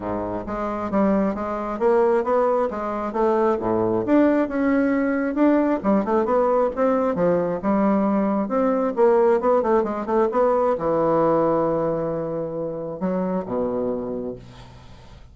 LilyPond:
\new Staff \with { instrumentName = "bassoon" } { \time 4/4 \tempo 4 = 134 gis,4 gis4 g4 gis4 | ais4 b4 gis4 a4 | a,4 d'4 cis'2 | d'4 g8 a8 b4 c'4 |
f4 g2 c'4 | ais4 b8 a8 gis8 a8 b4 | e1~ | e4 fis4 b,2 | }